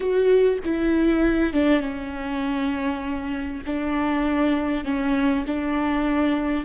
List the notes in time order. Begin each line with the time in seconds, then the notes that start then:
0.00 F#4
0.64 E4
1.53 D4
1.80 C#4
3.66 D4
4.84 C#4
5.46 D4